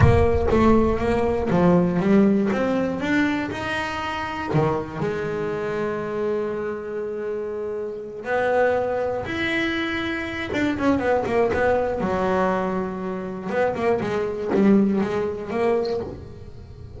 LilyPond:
\new Staff \with { instrumentName = "double bass" } { \time 4/4 \tempo 4 = 120 ais4 a4 ais4 f4 | g4 c'4 d'4 dis'4~ | dis'4 dis4 gis2~ | gis1~ |
gis8 b2 e'4.~ | e'4 d'8 cis'8 b8 ais8 b4 | fis2. b8 ais8 | gis4 g4 gis4 ais4 | }